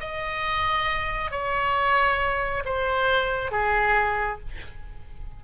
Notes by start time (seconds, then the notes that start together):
0.00 D#5
1.31 C#5
2.65 C5
3.51 G#4